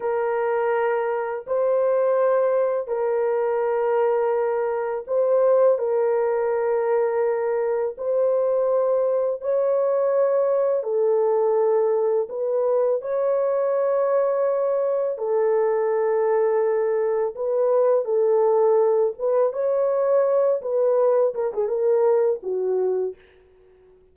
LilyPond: \new Staff \with { instrumentName = "horn" } { \time 4/4 \tempo 4 = 83 ais'2 c''2 | ais'2. c''4 | ais'2. c''4~ | c''4 cis''2 a'4~ |
a'4 b'4 cis''2~ | cis''4 a'2. | b'4 a'4. b'8 cis''4~ | cis''8 b'4 ais'16 gis'16 ais'4 fis'4 | }